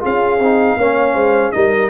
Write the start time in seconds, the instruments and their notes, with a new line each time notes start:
0.00 tuba C#4, trombone F4, horn G#4, trumpet F5
0.39 tuba C4, trombone D#4
0.77 tuba A#3, trombone C#4, horn C#5
1.14 tuba G#3, horn C5
1.52 tuba G3, trombone D#4, horn A#4, trumpet D#5